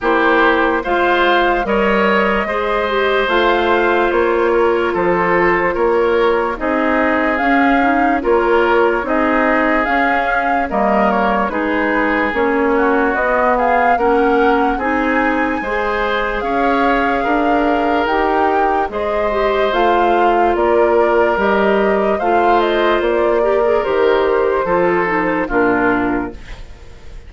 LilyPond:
<<
  \new Staff \with { instrumentName = "flute" } { \time 4/4 \tempo 4 = 73 c''4 f''4 dis''2 | f''4 cis''4 c''4 cis''4 | dis''4 f''4 cis''4 dis''4 | f''4 dis''8 cis''8 b'4 cis''4 |
dis''8 f''8 fis''4 gis''2 | f''2 g''4 dis''4 | f''4 d''4 dis''4 f''8 dis''8 | d''4 c''2 ais'4 | }
  \new Staff \with { instrumentName = "oboe" } { \time 4/4 g'4 c''4 cis''4 c''4~ | c''4. ais'8 a'4 ais'4 | gis'2 ais'4 gis'4~ | gis'4 ais'4 gis'4. fis'8~ |
fis'8 gis'8 ais'4 gis'4 c''4 | cis''4 ais'2 c''4~ | c''4 ais'2 c''4~ | c''8 ais'4. a'4 f'4 | }
  \new Staff \with { instrumentName = "clarinet" } { \time 4/4 e'4 f'4 ais'4 gis'8 g'8 | f'1 | dis'4 cis'8 dis'8 f'4 dis'4 | cis'4 ais4 dis'4 cis'4 |
b4 cis'4 dis'4 gis'4~ | gis'2 g'4 gis'8 g'8 | f'2 g'4 f'4~ | f'8 g'16 gis'16 g'4 f'8 dis'8 d'4 | }
  \new Staff \with { instrumentName = "bassoon" } { \time 4/4 ais4 gis4 g4 gis4 | a4 ais4 f4 ais4 | c'4 cis'4 ais4 c'4 | cis'4 g4 gis4 ais4 |
b4 ais4 c'4 gis4 | cis'4 d'4 dis'4 gis4 | a4 ais4 g4 a4 | ais4 dis4 f4 ais,4 | }
>>